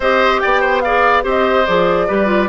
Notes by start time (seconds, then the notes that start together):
0.00 C4 G4 C5 D#5
0.40 B3 D5 G5
0.61 C5
0.81 G#4 D5 F5
1.22 C4 G4 C5 D#5
1.66 F3 G#4 D5
2.07 G3 G4 B4
2.26 F4